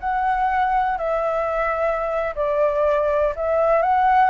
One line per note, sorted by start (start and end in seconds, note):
0.00 0.98 F#5
0.98 2.34 E5
2.36 3.35 D5
3.36 3.82 E5
3.82 4.31 F#5